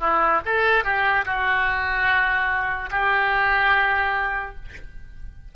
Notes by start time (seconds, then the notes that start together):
0.00 E4
0.46 A4
0.84 G4
1.26 F#4
2.91 G4